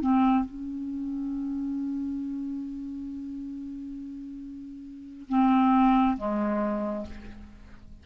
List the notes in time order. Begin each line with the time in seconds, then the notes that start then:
0.00 C4
0.45 C#4
5.29 C4
6.17 G#3